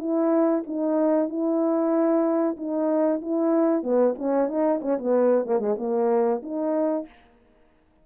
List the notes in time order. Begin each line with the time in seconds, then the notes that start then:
0.00 E4
0.67 D#4
1.30 E4
2.58 D#4
3.22 E4
3.83 B3
4.19 C#4
4.49 D#4
4.82 C#4
4.99 B3
5.46 A#3
5.60 G#3
5.79 A#3
6.43 D#4